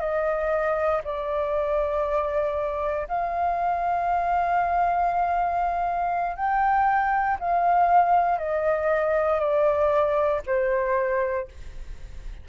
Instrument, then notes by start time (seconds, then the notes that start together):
flute
0.00 D#5
1.04 D5
3.08 F5
6.36 G5
7.40 F5
8.39 D#5
9.40 D5
10.47 C5